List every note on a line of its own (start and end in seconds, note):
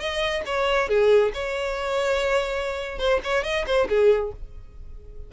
0.00 0.43 D#5
0.46 0.89 C#5
0.89 1.32 G#4
1.34 2.99 C#5
2.99 3.20 C5
3.24 3.44 C#5
3.44 3.65 D#5
3.67 3.88 C5
3.89 4.32 G#4